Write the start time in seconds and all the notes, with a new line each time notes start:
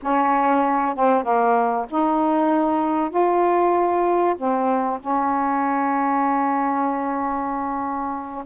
0.02 C#4
0.95 C4
1.23 A#3
1.89 D#4
3.10 F4
4.37 C4
5.00 C#4